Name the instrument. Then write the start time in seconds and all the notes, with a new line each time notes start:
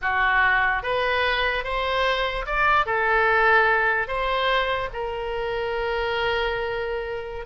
oboe
0.01 F#4
0.82 B4
1.63 C5
2.45 D5
2.86 A4
4.07 C5
4.93 A#4